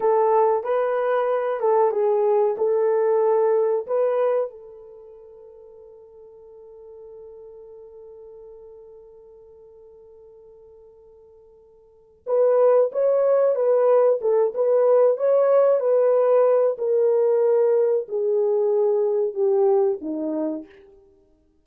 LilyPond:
\new Staff \with { instrumentName = "horn" } { \time 4/4 \tempo 4 = 93 a'4 b'4. a'8 gis'4 | a'2 b'4 a'4~ | a'1~ | a'1~ |
a'2. b'4 | cis''4 b'4 a'8 b'4 cis''8~ | cis''8 b'4. ais'2 | gis'2 g'4 dis'4 | }